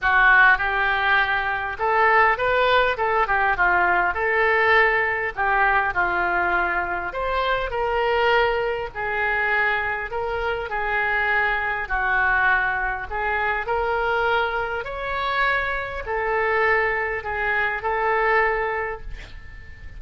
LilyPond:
\new Staff \with { instrumentName = "oboe" } { \time 4/4 \tempo 4 = 101 fis'4 g'2 a'4 | b'4 a'8 g'8 f'4 a'4~ | a'4 g'4 f'2 | c''4 ais'2 gis'4~ |
gis'4 ais'4 gis'2 | fis'2 gis'4 ais'4~ | ais'4 cis''2 a'4~ | a'4 gis'4 a'2 | }